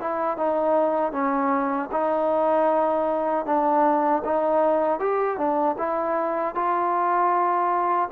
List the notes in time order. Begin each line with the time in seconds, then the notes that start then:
0.00 E4
0.37 D#4
1.12 C#4
1.91 D#4
3.45 D4
4.24 D#4
4.99 G4
5.37 D4
5.78 E4
6.55 F4